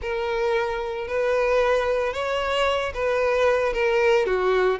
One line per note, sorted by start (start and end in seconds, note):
0.01 1.07 A#4
1.07 2.13 B4
2.13 2.93 C#5
2.94 3.73 B4
3.73 4.26 A#4
4.26 4.79 F#4